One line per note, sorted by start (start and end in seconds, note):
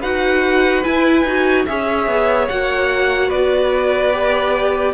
0.00 0.84 D#4
0.00 0.84 F#4
0.00 1.64 B4
0.00 0.83 F#5
0.83 1.25 E4
0.83 1.24 E4
0.83 1.66 G#5
1.24 1.65 D#4
1.24 1.68 F#4
1.66 2.07 C#4
1.66 2.49 G#4
1.66 3.28 C#5
1.66 2.48 E5
2.07 2.48 B3
2.48 3.31 A#3
2.48 4.13 F#4
2.48 3.30 F#5
3.28 4.94 B3
3.28 4.92 B4
3.28 4.94 D5
4.13 4.94 G4